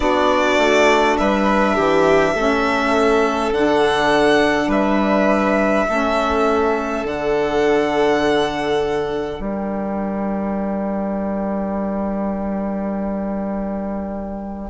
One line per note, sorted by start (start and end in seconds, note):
0.00 0.57 B3
0.00 2.35 D4
0.00 1.19 F#4
0.00 1.16 D5
0.58 1.16 A3
1.17 1.77 G3
1.17 1.75 B4
1.17 3.52 E5
1.75 2.34 E3
1.75 2.34 G4
2.34 3.51 A3
2.34 3.53 C#4
2.34 4.68 A4
3.51 4.67 D3
3.51 5.88 D4
3.51 4.70 F#5
4.67 5.84 G3
4.67 5.86 B4
4.67 7.06 E5
5.88 7.03 A3
5.88 7.05 C#4
5.88 9.40 A4
7.03 9.39 D3
7.03 14.70 D4
7.03 9.42 F#5
9.39 14.69 G3
9.39 14.70 A#4
9.39 14.70 G5